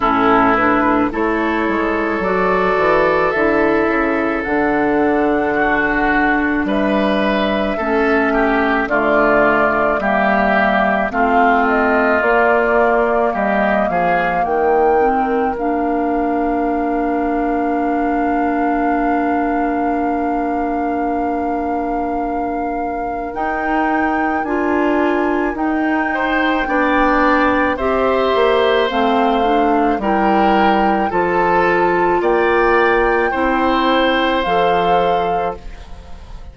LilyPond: <<
  \new Staff \with { instrumentName = "flute" } { \time 4/4 \tempo 4 = 54 a'8 b'8 cis''4 d''4 e''4 | fis''2 e''2 | d''4 e''4 f''8 dis''8 d''4 | dis''8 f''8 g''4 f''2~ |
f''1~ | f''4 g''4 gis''4 g''4~ | g''4 e''4 f''4 g''4 | a''4 g''2 f''4 | }
  \new Staff \with { instrumentName = "oboe" } { \time 4/4 e'4 a'2.~ | a'4 fis'4 b'4 a'8 g'8 | f'4 g'4 f'2 | g'8 gis'8 ais'2.~ |
ais'1~ | ais'2.~ ais'8 c''8 | d''4 c''2 ais'4 | a'4 d''4 c''2 | }
  \new Staff \with { instrumentName = "clarinet" } { \time 4/4 cis'8 d'8 e'4 fis'4 e'4 | d'2. cis'4 | a4 ais4 c'4 ais4~ | ais4. c'8 d'2~ |
d'1~ | d'4 dis'4 f'4 dis'4 | d'4 g'4 c'8 d'8 e'4 | f'2 e'4 a'4 | }
  \new Staff \with { instrumentName = "bassoon" } { \time 4/4 a,4 a8 gis8 fis8 e8 d8 cis8 | d2 g4 a4 | d4 g4 a4 ais4 | g8 f8 dis4 ais2~ |
ais1~ | ais4 dis'4 d'4 dis'4 | b4 c'8 ais8 a4 g4 | f4 ais4 c'4 f4 | }
>>